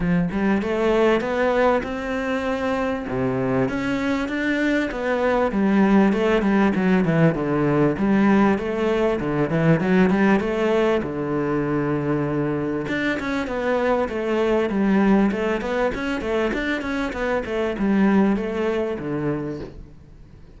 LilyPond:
\new Staff \with { instrumentName = "cello" } { \time 4/4 \tempo 4 = 98 f8 g8 a4 b4 c'4~ | c'4 c4 cis'4 d'4 | b4 g4 a8 g8 fis8 e8 | d4 g4 a4 d8 e8 |
fis8 g8 a4 d2~ | d4 d'8 cis'8 b4 a4 | g4 a8 b8 cis'8 a8 d'8 cis'8 | b8 a8 g4 a4 d4 | }